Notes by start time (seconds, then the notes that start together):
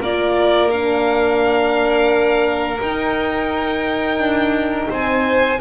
0.00 A#3 F4 A#4 D5
0.71 D4 F5
2.81 D#4 G5
4.18 D4
4.89 C4 C5 G#5